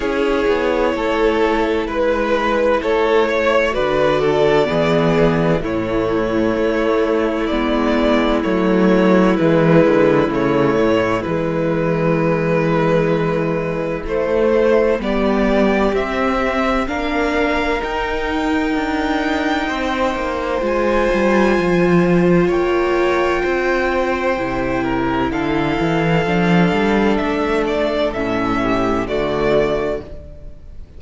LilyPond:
<<
  \new Staff \with { instrumentName = "violin" } { \time 4/4 \tempo 4 = 64 cis''2 b'4 cis''4 | d''2 cis''2 | d''4 cis''4 b'4 cis''4 | b'2. c''4 |
d''4 e''4 f''4 g''4~ | g''2 gis''2 | g''2. f''4~ | f''4 e''8 d''8 e''4 d''4 | }
  \new Staff \with { instrumentName = "violin" } { \time 4/4 gis'4 a'4 b'4 a'8 cis''8 | b'8 a'8 gis'4 e'2~ | e'1~ | e'1 |
g'2 ais'2~ | ais'4 c''2. | cis''4 c''4. ais'8 a'4~ | a'2~ a'8 g'8 fis'4 | }
  \new Staff \with { instrumentName = "viola" } { \time 4/4 e'1 | fis'4 b4 a2 | b4 a4 gis4 a4 | gis2. a4 |
b4 c'4 d'4 dis'4~ | dis'2 f'2~ | f'2 e'2 | d'2 cis'4 a4 | }
  \new Staff \with { instrumentName = "cello" } { \time 4/4 cis'8 b8 a4 gis4 a4 | d4 e4 a,4 a4 | gis4 fis4 e8 d8 cis8 a,8 | e2. a4 |
g4 c'4 ais4 dis'4 | d'4 c'8 ais8 gis8 g8 f4 | ais4 c'4 c4 d8 e8 | f8 g8 a4 a,4 d4 | }
>>